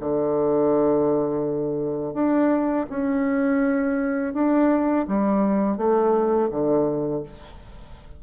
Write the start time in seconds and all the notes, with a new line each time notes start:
0.00 D3
2.14 D4
2.89 C#4
4.33 D4
5.07 G3
5.77 A3
6.51 D3